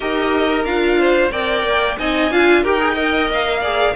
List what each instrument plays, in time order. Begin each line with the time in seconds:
0.00 cello D#4, viola G4, violin A#4 D#5
0.64 cello D4, viola F4, violin F5
0.99 violin C5
1.31 cello C4, viola A#4, violin D5 G5
1.63 cello A#3
1.98 cello C4, viola D#4, violin D#5 G#5
2.31 cello D4, viola F4, violin F5
2.63 cello D#4, viola G4, violin A#4 G5
2.79 viola G#4
2.94 viola A#4, violin D#5
3.29 cello A#3, violin F5
3.61 viola G#4, violin D5